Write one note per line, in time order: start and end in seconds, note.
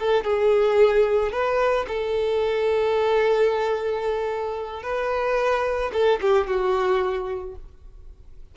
0.00 0.25 A4
0.25 1.32 G#4
1.32 1.86 B4
1.88 4.83 A4
4.83 5.91 B4
5.93 6.20 A4
6.22 6.47 G4
6.47 7.56 F#4